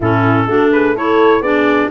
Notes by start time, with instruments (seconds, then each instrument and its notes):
0.00 tuba A2, clarinet C#4, horn E4, trumpet A4
0.46 tuba A3, clarinet D4, horn F#4
0.72 horn G#4, trumpet B4
0.94 clarinet E4, horn A4, trumpet C#5
1.41 tuba B3, clarinet D4, horn G#4, trumpet D5